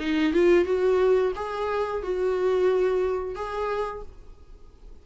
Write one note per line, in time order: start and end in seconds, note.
0.00 0.33 D#4
0.33 0.65 F4
0.65 1.33 F#4
1.36 2.03 G#4
2.03 3.36 F#4
3.36 4.03 G#4